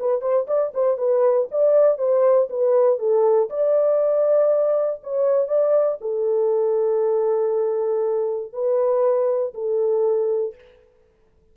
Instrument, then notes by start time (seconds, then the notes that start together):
horn
0.00 B4
0.22 C5
0.47 D5
0.74 C5
0.98 B4
1.51 D5
1.98 C5
2.50 B4
2.99 A4
3.50 D5
5.04 C#5
5.48 D5
6.01 A4
8.53 B4
9.54 A4